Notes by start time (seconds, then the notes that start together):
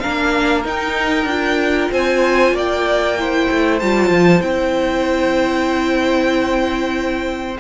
0.00 A#3 D4 A#4 F5
0.65 D#4 G5
1.25 D4 F4
1.92 C4 C5 G#5
2.52 A#3 D5 G5
3.18 E4 C5
3.51 A3
3.80 G3 F4 A5
4.11 F3
4.41 C4 E4 G5